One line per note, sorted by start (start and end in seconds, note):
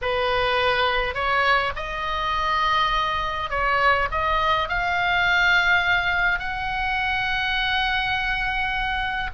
0.01 1.14 B4
1.14 1.72 C#5
1.76 3.50 D#5
3.50 4.08 C#5
4.11 4.68 D#5
4.68 6.39 F5
6.39 9.30 F#5